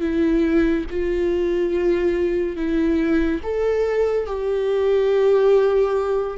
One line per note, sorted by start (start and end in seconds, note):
0.00 0.85 E4
0.90 2.56 F4
2.56 3.41 E4
3.43 4.26 A4
4.26 6.37 G4